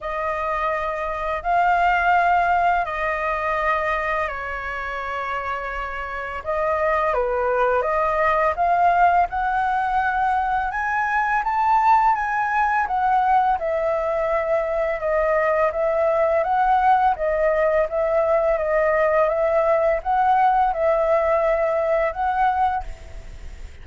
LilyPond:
\new Staff \with { instrumentName = "flute" } { \time 4/4 \tempo 4 = 84 dis''2 f''2 | dis''2 cis''2~ | cis''4 dis''4 b'4 dis''4 | f''4 fis''2 gis''4 |
a''4 gis''4 fis''4 e''4~ | e''4 dis''4 e''4 fis''4 | dis''4 e''4 dis''4 e''4 | fis''4 e''2 fis''4 | }